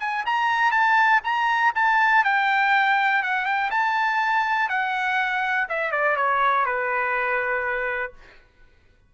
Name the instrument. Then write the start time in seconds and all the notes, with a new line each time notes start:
trumpet
0.00 G#5
0.26 A#5
0.72 A5
1.24 A#5
1.75 A5
2.24 G5
3.23 F#5
3.46 G5
3.71 A5
4.69 F#5
5.69 E5
5.92 D5
6.16 C#5
6.66 B4